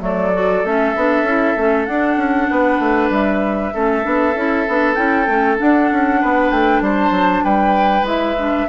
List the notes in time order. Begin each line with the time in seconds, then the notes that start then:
0.00 F#3 A3 A4 D5
0.34 F#4
0.64 A3 C#4 E5
0.95 B3 D4
1.22 C#4 E4
1.56 A3 C#4
1.85 D4 F#5
2.16 C#4
2.50 B3 B4
2.78 A3
3.10 G3 E5
3.74 A3 C#4 A4
4.02 B3 D4
4.35 C#4 E4
4.68 B3 D4
4.94 C#4 E4 G5
5.27 A3 C#4
5.57 D4 F#5
5.91 C#4
6.21 B3 B4
6.50 A3 G5
6.81 G3 C5 A5
7.10 F#3
7.43 G3 B4 G5
8.02 G#3 E4 E5
8.37 D4